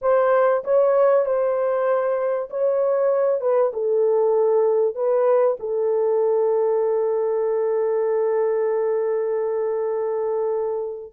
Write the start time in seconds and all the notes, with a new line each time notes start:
0.01 C5
0.64 C#5
1.25 C5
2.49 C#5
3.40 B4
3.73 A4
4.95 B4
5.59 A4